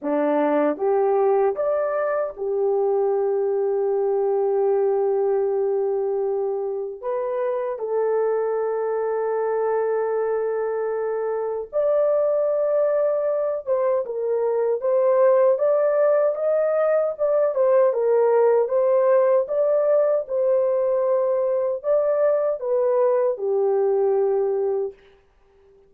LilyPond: \new Staff \with { instrumentName = "horn" } { \time 4/4 \tempo 4 = 77 d'4 g'4 d''4 g'4~ | g'1~ | g'4 b'4 a'2~ | a'2. d''4~ |
d''4. c''8 ais'4 c''4 | d''4 dis''4 d''8 c''8 ais'4 | c''4 d''4 c''2 | d''4 b'4 g'2 | }